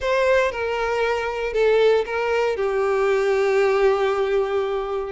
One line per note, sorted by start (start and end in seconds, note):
0.00 0.51 C5
0.51 1.53 A#4
1.53 2.04 A4
2.05 2.56 A#4
2.56 5.12 G4